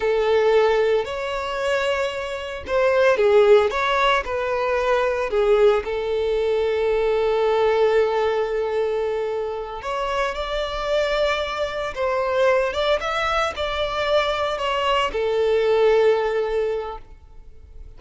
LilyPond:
\new Staff \with { instrumentName = "violin" } { \time 4/4 \tempo 4 = 113 a'2 cis''2~ | cis''4 c''4 gis'4 cis''4 | b'2 gis'4 a'4~ | a'1~ |
a'2~ a'8 cis''4 d''8~ | d''2~ d''8 c''4. | d''8 e''4 d''2 cis''8~ | cis''8 a'2.~ a'8 | }